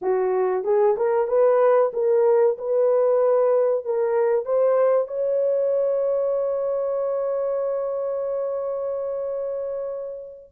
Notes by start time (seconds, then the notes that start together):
0.01 F#4
0.64 G#4
0.96 A#4
1.27 B4
1.93 A#4
2.57 B4
3.84 A#4
4.45 C5
5.07 C#5